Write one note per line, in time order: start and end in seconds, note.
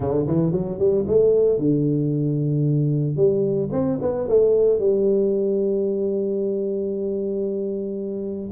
0.00 0.26 D3
0.27 0.52 E3
0.52 0.78 F#3
0.78 1.05 G3
1.07 1.58 A3
1.58 3.16 D3
3.16 3.69 G3
3.72 3.98 C4
4.01 4.28 B3
4.28 4.79 A3
4.79 8.51 G3